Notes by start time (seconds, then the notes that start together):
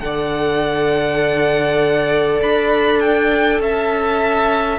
0.00 D3 A4 D5 F#5
2.42 D4 B5
3.00 G5
3.60 C#4 E5 A5